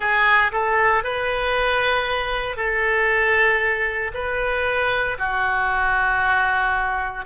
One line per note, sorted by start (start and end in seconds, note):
0.00 0.51 G#4
0.52 1.03 A4
1.03 2.56 B4
2.56 4.11 A4
4.14 5.17 B4
5.18 7.25 F#4